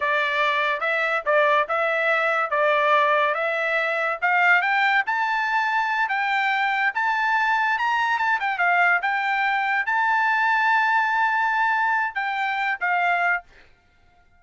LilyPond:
\new Staff \with { instrumentName = "trumpet" } { \time 4/4 \tempo 4 = 143 d''2 e''4 d''4 | e''2 d''2 | e''2 f''4 g''4 | a''2~ a''8 g''4.~ |
g''8 a''2 ais''4 a''8 | g''8 f''4 g''2 a''8~ | a''1~ | a''4 g''4. f''4. | }